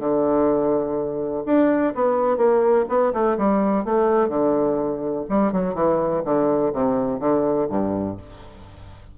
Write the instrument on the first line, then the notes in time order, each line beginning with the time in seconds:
bassoon
0.00 D3
1.46 D4
1.95 B3
2.38 A#3
2.89 B3
3.14 A3
3.38 G3
3.85 A3
4.29 D3
5.30 G3
5.53 F#3
5.75 E3
6.25 D3
6.74 C3
7.20 D3
7.70 G2